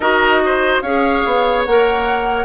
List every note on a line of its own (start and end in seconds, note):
0.00 0.80 D#4
0.00 0.84 F#4
0.00 0.40 A#4
0.00 0.81 D#5
0.45 0.82 C5
0.81 1.23 C#4
0.81 1.67 G#4
0.81 2.45 C#5
0.81 1.63 F5
1.25 1.66 B3
1.65 2.45 A#3
1.65 2.45 A#4
1.65 2.45 F#5